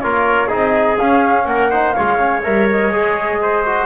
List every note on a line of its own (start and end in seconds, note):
0.00 0.52 A#3
0.00 0.48 F4
0.00 0.47 A#4
0.00 0.48 C#5
0.47 0.99 C4
0.47 0.96 D#4
0.47 1.44 G#4
0.47 0.96 D#5
0.98 1.45 C#4
0.98 1.71 C#4
0.98 1.46 F5
1.45 1.93 A#3
1.45 1.70 A#4
1.45 1.92 F#5
1.70 1.95 D#4
1.70 1.94 C5
1.92 2.18 F4
1.92 3.40 C#5
1.92 2.40 F5
1.98 2.45 G#3
2.18 2.42 C#4
2.43 2.89 G3
2.43 2.91 A#4
2.43 2.68 E5
2.70 3.86 D#5
2.89 3.85 G#3
2.89 3.64 G#4
3.42 3.86 C5
3.65 3.86 F#4